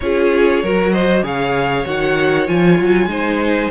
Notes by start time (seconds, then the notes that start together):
0.00 C#4 F4 G#4 C#5
0.63 F#3 F#4 A#4
0.91 C5 D#5
1.22 C#3 G#4 C#5 F5
1.85 D#3 F#4 F#5
2.47 F3 F4 G#5
2.79 F#3
3.06 G#3 D#4 C5